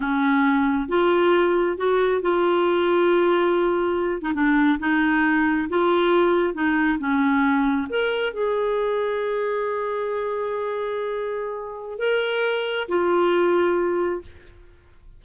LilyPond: \new Staff \with { instrumentName = "clarinet" } { \time 4/4 \tempo 4 = 135 cis'2 f'2 | fis'4 f'2.~ | f'4. dis'16 d'4 dis'4~ dis'16~ | dis'8. f'2 dis'4 cis'16~ |
cis'4.~ cis'16 ais'4 gis'4~ gis'16~ | gis'1~ | gis'2. ais'4~ | ais'4 f'2. | }